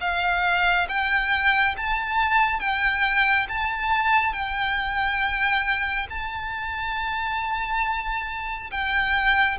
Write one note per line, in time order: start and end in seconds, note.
0.00 0.87 F5
0.88 1.75 G5
1.77 2.59 A5
2.59 3.46 G5
3.48 4.33 A5
4.33 6.07 G5
6.09 8.70 A5
8.70 9.57 G5